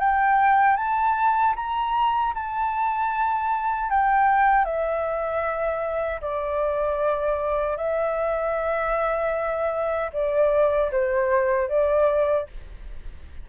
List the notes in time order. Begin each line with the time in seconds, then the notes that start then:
0.00 G5
0.77 A5
1.56 A#5
2.35 A5
3.90 G5
4.65 E5
6.22 D5
7.77 E5
10.13 D5
10.92 C5
11.70 D5